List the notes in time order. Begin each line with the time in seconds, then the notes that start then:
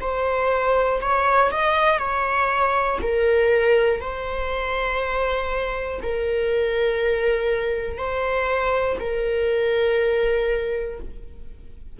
0.00 C5
1.00 C#5
1.51 D#5
1.98 C#5
3.02 A#4
4.00 C5
6.02 A#4
7.97 C5
9.00 A#4